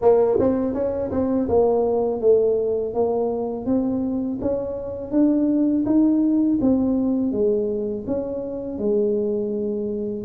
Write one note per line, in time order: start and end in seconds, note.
0.01 0.38 A#3
0.39 0.74 C4
0.74 1.10 C#4
1.11 1.47 C4
1.48 2.20 A#3
2.20 2.93 A3
2.94 3.66 A#3
3.66 4.39 C4
4.41 5.11 C#4
5.11 5.84 D4
5.85 6.59 D#4
6.61 7.31 C4
7.31 8.05 G#3
8.07 8.78 C#4
8.78 10.24 G#3